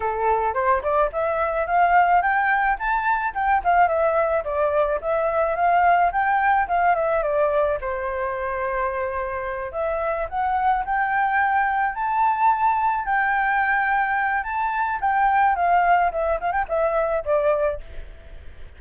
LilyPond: \new Staff \with { instrumentName = "flute" } { \time 4/4 \tempo 4 = 108 a'4 c''8 d''8 e''4 f''4 | g''4 a''4 g''8 f''8 e''4 | d''4 e''4 f''4 g''4 | f''8 e''8 d''4 c''2~ |
c''4. e''4 fis''4 g''8~ | g''4. a''2 g''8~ | g''2 a''4 g''4 | f''4 e''8 f''16 g''16 e''4 d''4 | }